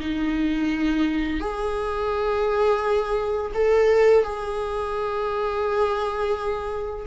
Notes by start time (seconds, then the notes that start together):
0.00 D#4
1.41 G#4
3.55 A4
4.24 G#4